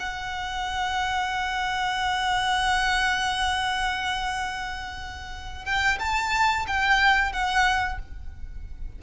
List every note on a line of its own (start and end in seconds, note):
0.00 5.65 F#5
5.65 5.98 G5
6.00 6.66 A5
6.67 7.32 G5
7.32 7.99 F#5